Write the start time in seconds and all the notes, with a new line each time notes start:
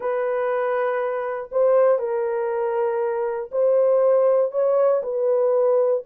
0.00 B4
1.51 C5
1.98 A#4
3.51 C5
4.51 C#5
5.02 B4